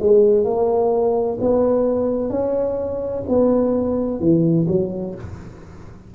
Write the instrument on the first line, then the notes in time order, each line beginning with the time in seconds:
tuba
0.00 G#3
0.45 A#3
1.41 B3
2.30 C#4
3.29 B3
4.20 E3
4.68 F#3